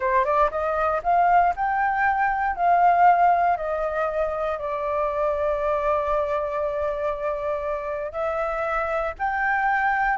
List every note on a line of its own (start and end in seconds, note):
0.00 0.24 C5
0.24 0.50 D5
0.51 1.01 D#5
1.03 1.54 F5
1.56 2.55 G5
2.55 3.56 F5
3.56 4.58 D#5
4.58 8.11 D5
8.11 9.13 E5
9.18 10.17 G5